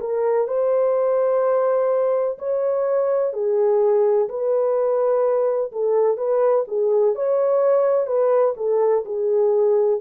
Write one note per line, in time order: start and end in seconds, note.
0.00 0.48 A#4
0.48 2.38 C5
2.39 3.33 C#5
3.33 4.28 G#4
4.29 5.72 B4
5.72 6.17 A4
6.17 6.65 B4
6.68 7.15 G#4
7.15 8.06 C#5
8.06 8.54 B4
8.57 9.04 A4
9.05 10.00 G#4